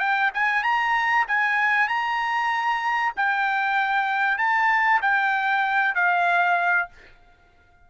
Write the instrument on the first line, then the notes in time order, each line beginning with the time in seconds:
trumpet
0.00 G5
0.34 G#5
0.64 A#5
1.28 G#5
1.88 A#5
3.17 G5
4.39 A5
5.02 G5
5.95 F5